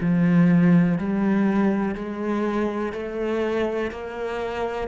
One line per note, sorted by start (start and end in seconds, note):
0.00 0.98 F3
0.98 1.94 G3
1.94 2.92 G#3
2.92 3.91 A3
3.91 4.88 A#3